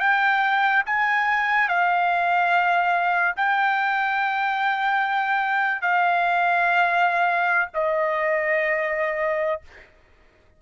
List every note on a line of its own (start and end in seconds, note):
0.00 0.83 G5
0.86 1.69 G#5
1.69 3.35 F5
3.36 5.81 G5
5.81 7.69 F5
7.74 9.62 D#5